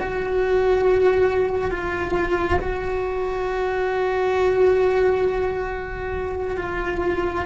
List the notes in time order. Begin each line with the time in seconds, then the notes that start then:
0.00 F#4
1.72 F4
2.60 F#4
6.58 F4